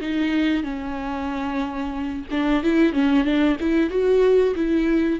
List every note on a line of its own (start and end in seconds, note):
0.00 0.63 D#4
0.63 2.24 C#4
2.30 2.63 D4
2.63 2.93 E4
2.93 3.24 C#4
3.24 3.57 D4
3.60 3.90 E4
3.90 4.54 F#4
4.55 5.19 E4